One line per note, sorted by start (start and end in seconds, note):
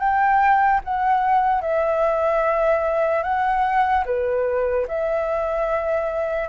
0.00 0.81 G5
0.84 1.62 F#5
1.62 3.24 E5
3.24 4.05 F#5
4.06 4.87 B4
4.88 6.49 E5